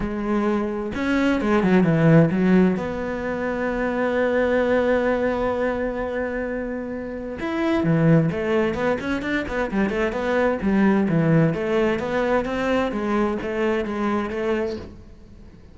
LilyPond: \new Staff \with { instrumentName = "cello" } { \time 4/4 \tempo 4 = 130 gis2 cis'4 gis8 fis8 | e4 fis4 b2~ | b1~ | b1 |
e'4 e4 a4 b8 cis'8 | d'8 b8 g8 a8 b4 g4 | e4 a4 b4 c'4 | gis4 a4 gis4 a4 | }